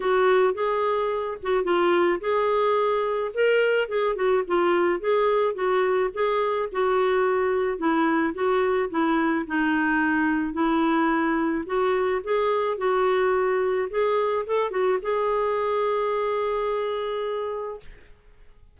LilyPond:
\new Staff \with { instrumentName = "clarinet" } { \time 4/4 \tempo 4 = 108 fis'4 gis'4. fis'8 f'4 | gis'2 ais'4 gis'8 fis'8 | f'4 gis'4 fis'4 gis'4 | fis'2 e'4 fis'4 |
e'4 dis'2 e'4~ | e'4 fis'4 gis'4 fis'4~ | fis'4 gis'4 a'8 fis'8 gis'4~ | gis'1 | }